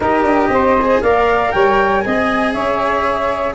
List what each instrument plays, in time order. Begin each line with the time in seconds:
0.00 tuba D#4, cello G4, saxophone A#4, flute D#5
0.23 tuba D4
0.49 tuba C4, saxophone C5
0.81 cello G#4
1.01 tuba A#3, cello A#4, saxophone D5, flute F5
1.51 tuba G3, saxophone C#5, flute G5
2.01 tuba C4, cello G#4, saxophone D#5, flute G#5
2.52 tuba C#4, saxophone C#5, flute E5